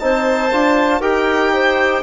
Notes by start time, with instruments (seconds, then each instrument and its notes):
0.00 bassoon C4, trombone D#4, clarinet C5, violin A5
0.52 bassoon D4, trombone F4
1.01 bassoon D#4, trombone G4, clarinet A#4, violin G5
1.54 clarinet C5